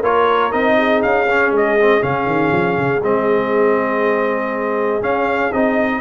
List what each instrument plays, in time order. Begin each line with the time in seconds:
0.00 tuba A#3, trombone F4, horn A#4, trumpet C#5
0.51 tuba C4, trombone D#4, trumpet D#5
0.77 horn G#4
1.02 tuba C#4, trumpet F5
1.29 trombone C#4
1.51 tuba G#3, trumpet D#5
1.81 trombone C4
2.01 tuba C#3, trombone C#4, trumpet F5
2.26 tuba D#3
2.51 tuba F3
2.77 tuba C#3
3.01 tuba G#3, trombone C4, trumpet D#5
5.01 trombone C#4, tuba C#4, trumpet F5
5.52 tuba C4, trombone D#4, trumpet D#5